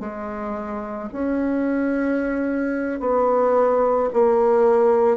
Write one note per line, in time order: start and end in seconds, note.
0.00 1.09 G#3
1.13 3.00 C#4
3.00 4.09 B3
4.14 5.17 A#3